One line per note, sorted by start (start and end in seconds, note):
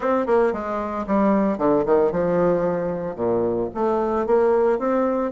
0.00 0.26 C4
0.26 0.52 A#3
0.52 1.05 G#3
1.06 1.58 G3
1.58 1.84 D3
1.85 2.11 D#3
2.11 3.15 F3
3.15 3.68 A#2
3.74 4.26 A3
4.26 4.78 A#3
4.78 5.31 C4